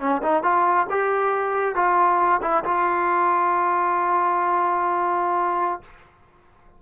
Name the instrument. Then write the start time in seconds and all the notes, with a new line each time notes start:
trombone
0.00 C#4
0.23 D#4
0.44 F4
0.90 G4
1.76 F4
2.42 E4
2.65 F4